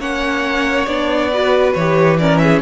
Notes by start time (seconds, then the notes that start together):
0.00 A#3 C#4 C#5 F#5
0.86 B3 D4 D5
1.33 F#4 B4
1.74 E3 G4 C#5
2.19 C#4 A#4 D5
2.38 G#4 E5